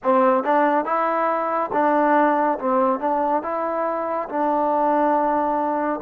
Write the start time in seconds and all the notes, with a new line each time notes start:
0.03 C4
0.43 D4
0.85 E4
1.72 D4
2.58 C4
2.99 D4
3.42 E4
4.28 D4